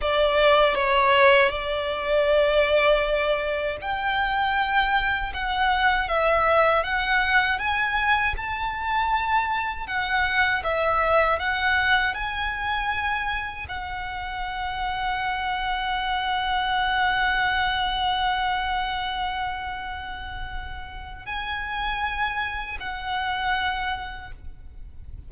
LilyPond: \new Staff \with { instrumentName = "violin" } { \time 4/4 \tempo 4 = 79 d''4 cis''4 d''2~ | d''4 g''2 fis''4 | e''4 fis''4 gis''4 a''4~ | a''4 fis''4 e''4 fis''4 |
gis''2 fis''2~ | fis''1~ | fis''1 | gis''2 fis''2 | }